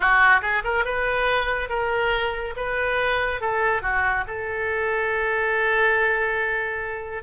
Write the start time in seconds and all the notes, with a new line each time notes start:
0.00 F#4
0.41 G#4
0.64 A#4
0.84 B4
1.69 A#4
2.56 B4
3.40 A4
3.81 F#4
4.27 A4